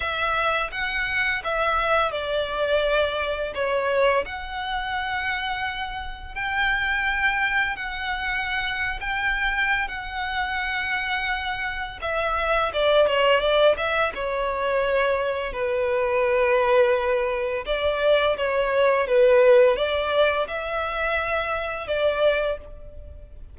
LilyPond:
\new Staff \with { instrumentName = "violin" } { \time 4/4 \tempo 4 = 85 e''4 fis''4 e''4 d''4~ | d''4 cis''4 fis''2~ | fis''4 g''2 fis''4~ | fis''8. g''4~ g''16 fis''2~ |
fis''4 e''4 d''8 cis''8 d''8 e''8 | cis''2 b'2~ | b'4 d''4 cis''4 b'4 | d''4 e''2 d''4 | }